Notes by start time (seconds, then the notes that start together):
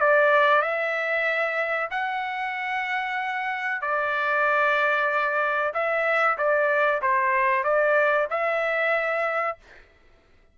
0.00 D5
0.62 E5
1.91 F#5
3.81 D5
5.74 E5
6.37 D5
7.02 C5
7.64 D5
8.30 E5